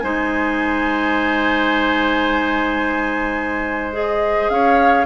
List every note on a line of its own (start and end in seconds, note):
0.00 4.50 G#3
0.00 3.93 D#4
0.00 4.52 C5
0.00 3.93 G#5
3.93 5.05 G#4
3.93 4.50 D#5
4.50 5.06 C#4
4.50 5.07 C#5
4.50 5.06 F5